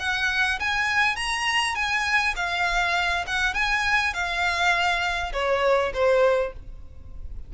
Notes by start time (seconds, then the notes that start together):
0.00 F#5
0.60 G#5
1.16 A#5
1.75 G#5
2.36 F5
3.27 F#5
3.54 G#5
4.14 F5
5.33 C#5
5.94 C5